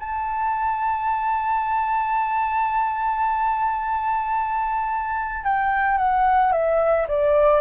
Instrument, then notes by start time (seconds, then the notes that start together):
flute
0.00 A5
5.44 G5
5.98 F#5
6.53 E5
7.08 D5